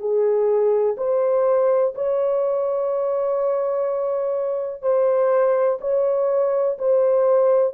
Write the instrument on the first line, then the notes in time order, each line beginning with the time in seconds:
horn
0.00 G#4
0.98 C5
1.95 C#5
4.83 C5
5.81 C#5
6.79 C5